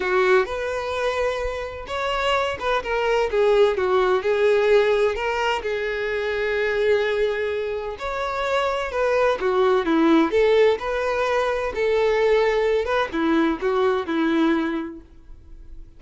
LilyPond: \new Staff \with { instrumentName = "violin" } { \time 4/4 \tempo 4 = 128 fis'4 b'2. | cis''4. b'8 ais'4 gis'4 | fis'4 gis'2 ais'4 | gis'1~ |
gis'4 cis''2 b'4 | fis'4 e'4 a'4 b'4~ | b'4 a'2~ a'8 b'8 | e'4 fis'4 e'2 | }